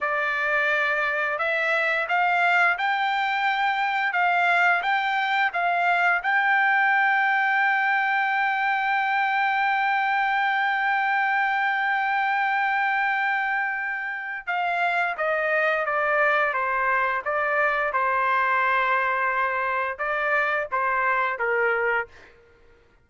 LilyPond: \new Staff \with { instrumentName = "trumpet" } { \time 4/4 \tempo 4 = 87 d''2 e''4 f''4 | g''2 f''4 g''4 | f''4 g''2.~ | g''1~ |
g''1~ | g''4 f''4 dis''4 d''4 | c''4 d''4 c''2~ | c''4 d''4 c''4 ais'4 | }